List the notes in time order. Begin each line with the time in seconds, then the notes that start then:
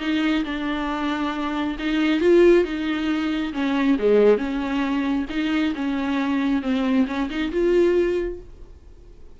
0.00 D#4
0.45 D4
1.79 D#4
2.20 F4
2.65 D#4
3.53 C#4
3.99 G#3
4.38 C#4
5.30 D#4
5.75 C#4
6.62 C4
7.07 C#4
7.30 D#4
7.52 F4